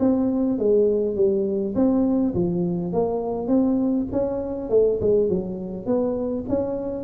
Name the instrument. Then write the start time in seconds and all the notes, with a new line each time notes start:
tuba
0.00 C4
0.59 G#3
1.16 G3
1.76 C4
2.34 F3
2.93 A#3
3.48 C4
4.12 C#4
4.70 A3
5.01 G#3
5.29 F#3
5.86 B3
6.49 C#4